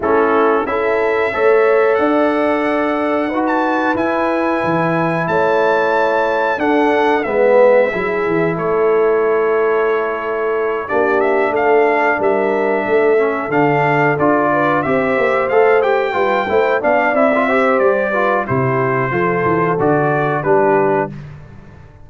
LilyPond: <<
  \new Staff \with { instrumentName = "trumpet" } { \time 4/4 \tempo 4 = 91 a'4 e''2 fis''4~ | fis''4~ fis''16 a''8. gis''2 | a''2 fis''4 e''4~ | e''4 cis''2.~ |
cis''8 d''8 e''8 f''4 e''4.~ | e''8 f''4 d''4 e''4 f''8 | g''4. f''8 e''4 d''4 | c''2 d''4 b'4 | }
  \new Staff \with { instrumentName = "horn" } { \time 4/4 e'4 a'4 cis''4 d''4~ | d''4 b'2. | cis''2 a'4 b'4 | gis'4 a'2.~ |
a'8 g'4 a'4 ais'4 a'8~ | a'2 b'8 c''4.~ | c''8 b'8 c''8 d''4 c''4 b'8 | g'4 a'2 g'4 | }
  \new Staff \with { instrumentName = "trombone" } { \time 4/4 cis'4 e'4 a'2~ | a'4 fis'4 e'2~ | e'2 d'4 b4 | e'1~ |
e'8 d'2.~ d'8 | cis'8 d'4 f'4 g'4 a'8 | g'8 f'8 e'8 d'8 e'16 f'16 g'4 f'8 | e'4 f'4 fis'4 d'4 | }
  \new Staff \with { instrumentName = "tuba" } { \time 4/4 a4 cis'4 a4 d'4~ | d'4 dis'4 e'4 e4 | a2 d'4 gis4 | fis8 e8 a2.~ |
a8 ais4 a4 g4 a8~ | a8 d4 d'4 c'8 ais8 a8~ | a8 g8 a8 b8 c'4 g4 | c4 f8 e8 d4 g4 | }
>>